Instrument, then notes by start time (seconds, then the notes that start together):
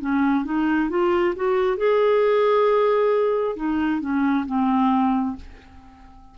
clarinet
0.00 C#4
0.45 D#4
0.90 F4
1.36 F#4
1.77 G#4
3.56 D#4
4.01 C#4
4.47 C4